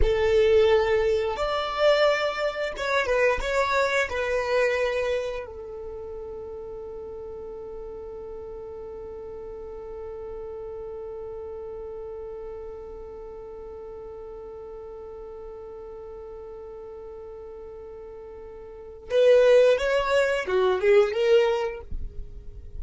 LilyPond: \new Staff \with { instrumentName = "violin" } { \time 4/4 \tempo 4 = 88 a'2 d''2 | cis''8 b'8 cis''4 b'2 | a'1~ | a'1~ |
a'1~ | a'1~ | a'1 | b'4 cis''4 fis'8 gis'8 ais'4 | }